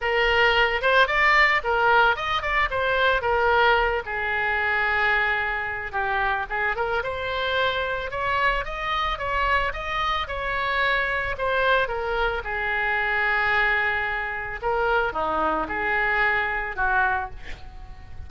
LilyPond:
\new Staff \with { instrumentName = "oboe" } { \time 4/4 \tempo 4 = 111 ais'4. c''8 d''4 ais'4 | dis''8 d''8 c''4 ais'4. gis'8~ | gis'2. g'4 | gis'8 ais'8 c''2 cis''4 |
dis''4 cis''4 dis''4 cis''4~ | cis''4 c''4 ais'4 gis'4~ | gis'2. ais'4 | dis'4 gis'2 fis'4 | }